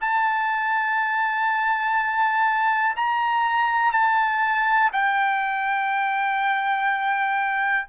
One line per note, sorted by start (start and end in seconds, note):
0.00 2.95 A5
2.96 3.92 A#5
3.92 4.90 A5
4.92 7.87 G5